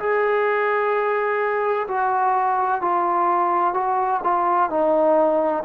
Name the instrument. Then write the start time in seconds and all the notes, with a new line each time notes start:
trombone
0.00 G#4
1.88 F#4
2.82 F4
3.75 F#4
4.24 F4
4.70 D#4